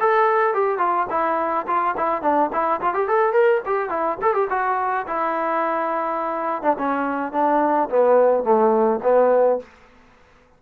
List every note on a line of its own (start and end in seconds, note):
0.00 0.54 A4
0.54 0.79 G4
0.79 1.07 F4
1.10 1.67 E4
1.67 1.96 F4
1.97 2.22 E4
2.22 2.51 D4
2.53 2.81 E4
2.81 2.94 F4
2.94 3.08 G4
3.08 3.33 A4
3.33 3.62 A#4
3.66 3.90 G4
3.90 4.18 E4
4.22 4.34 A4
4.34 4.48 G4
4.50 5.07 F#4
5.08 6.63 E4
6.63 6.77 D4
6.79 7.33 C#4
7.33 7.89 D4
7.90 8.44 B3
8.44 9.00 A3
9.03 9.60 B3